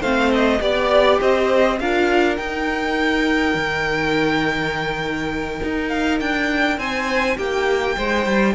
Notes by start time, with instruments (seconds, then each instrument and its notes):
0.00 cello A3, viola C4, violin C5 F5
0.33 violin D#5
0.59 cello B3, viola G4, violin D5
1.20 cello C4, violin C5 D#5
1.79 cello D4, viola F4, violin A#4 F5
2.37 viola D#4, cello D#4, violin G5
3.55 cello D#3
5.63 cello D#4
5.88 violin F5
6.20 cello D4, violin G5
6.78 cello C4, violin C5 G#5
7.37 cello A#3, violin G4 G5
7.96 cello G#3, violin C5
8.26 cello G3